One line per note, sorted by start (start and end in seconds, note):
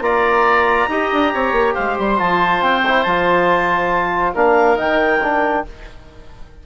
0.00 0.86 A#3
0.00 0.88 F4
0.00 0.89 D5
0.00 1.74 A#5
0.88 1.10 D#4
0.88 2.17 G4
0.88 1.33 D#5
1.12 1.33 D4
1.33 1.52 C4
1.33 1.74 C#5
1.52 1.73 A#3
1.74 1.98 G#3
1.74 4.33 C5
1.74 1.95 F5
1.98 2.20 G3
1.98 2.19 C6
2.17 2.61 F3
2.17 2.82 F4
2.17 2.62 A5
2.61 3.04 C4
2.61 3.03 G5
2.87 3.07 E4
3.03 4.35 F3
3.03 4.35 F4
3.03 4.32 A5
4.34 4.78 A#3
4.34 4.76 D4
4.34 5.64 A#4
4.34 4.78 F5
4.76 5.65 D#3
4.76 5.19 D#4
4.76 5.65 G5
5.22 5.66 D4